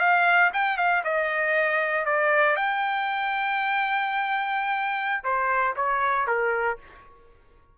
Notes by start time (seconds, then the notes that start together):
0.00 F5
0.53 G5
0.77 F5
1.04 D#5
2.05 D5
2.56 G5
5.24 C5
5.76 C#5
6.27 A#4